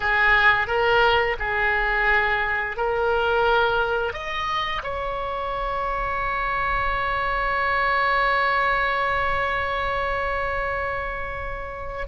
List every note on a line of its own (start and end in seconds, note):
0.00 0.67 G#4
0.67 1.36 A#4
1.39 2.76 G#4
2.76 4.13 A#4
4.13 4.82 D#5
4.83 12.07 C#5